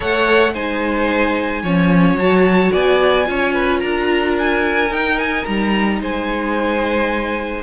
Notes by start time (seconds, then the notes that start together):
0.00 A3 A4 C#5 F#5
0.53 G#3 D#4 C5 G#5
1.62 F3 C#4 C#5
2.15 F#3 F#4 A5
2.72 B3 D5 G#5
3.24 C#4 F4 C#5
3.53 B4
3.79 D4 A#4 A#5
4.38 G#5
4.90 D#4 G5
5.19 G#5
5.45 G3 A#5
6.00 G#3 C5 G#5